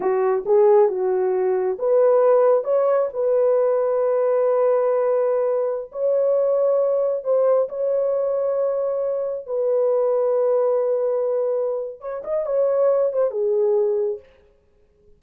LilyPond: \new Staff \with { instrumentName = "horn" } { \time 4/4 \tempo 4 = 135 fis'4 gis'4 fis'2 | b'2 cis''4 b'4~ | b'1~ | b'4~ b'16 cis''2~ cis''8.~ |
cis''16 c''4 cis''2~ cis''8.~ | cis''4~ cis''16 b'2~ b'8.~ | b'2. cis''8 dis''8 | cis''4. c''8 gis'2 | }